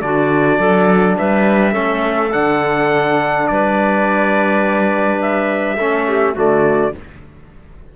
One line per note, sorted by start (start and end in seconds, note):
0.00 0.58 D3
0.00 1.72 D4
0.00 0.58 F#4
0.00 1.16 D5
0.58 1.16 F#3
0.58 1.16 A4
1.18 1.75 G3
1.18 1.72 B4
1.18 2.32 E5
1.72 2.33 A3
1.72 2.29 C#4
1.72 3.46 A4
2.32 3.49 D3
2.32 5.78 D4
2.32 3.47 F#5
3.47 5.77 G3
3.47 5.77 B4
3.47 5.20 D5
5.22 6.37 E5
5.77 6.35 A3
5.77 6.35 C#4
5.77 6.06 A4
6.07 6.33 G4
6.33 6.94 D3
6.33 6.92 A3
6.33 6.91 F#4
6.33 6.96 D5